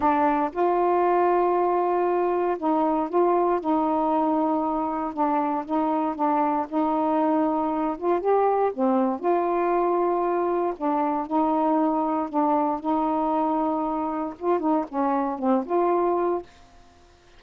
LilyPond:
\new Staff \with { instrumentName = "saxophone" } { \time 4/4 \tempo 4 = 117 d'4 f'2.~ | f'4 dis'4 f'4 dis'4~ | dis'2 d'4 dis'4 | d'4 dis'2~ dis'8 f'8 |
g'4 c'4 f'2~ | f'4 d'4 dis'2 | d'4 dis'2. | f'8 dis'8 cis'4 c'8 f'4. | }